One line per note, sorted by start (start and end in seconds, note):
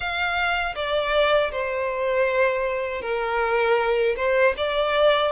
0.00 0.74 F5
0.75 1.51 D5
1.51 3.01 C5
3.01 4.15 A#4
4.16 4.54 C5
4.57 5.31 D5